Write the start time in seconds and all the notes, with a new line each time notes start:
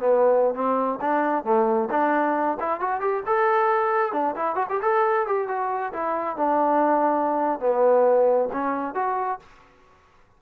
0.00 B3
0.55 C4
1.01 D4
1.45 A3
1.91 D4
2.60 E4
2.81 F#4
3.01 G4
3.27 A4
4.13 D4
4.36 E4
4.56 F#4
4.70 G4
4.82 A4
5.27 G4
5.48 F#4
5.93 E4
6.37 D4
7.60 B3
8.53 C#4
8.95 F#4